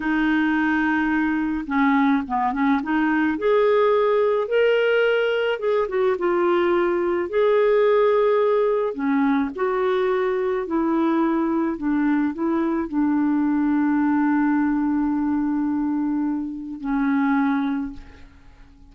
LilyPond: \new Staff \with { instrumentName = "clarinet" } { \time 4/4 \tempo 4 = 107 dis'2. cis'4 | b8 cis'8 dis'4 gis'2 | ais'2 gis'8 fis'8 f'4~ | f'4 gis'2. |
cis'4 fis'2 e'4~ | e'4 d'4 e'4 d'4~ | d'1~ | d'2 cis'2 | }